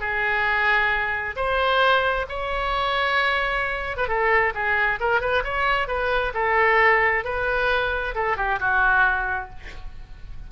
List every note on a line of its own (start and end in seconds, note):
0.00 1.35 G#4
1.36 2.26 C5
2.28 3.97 C#5
3.97 4.08 B4
4.08 4.53 A4
4.54 4.99 G#4
5.00 5.20 A#4
5.20 5.43 B4
5.44 5.87 C#5
5.87 6.33 B4
6.34 7.24 A4
7.24 8.14 B4
8.15 8.36 A4
8.36 8.59 G4
8.59 9.50 F#4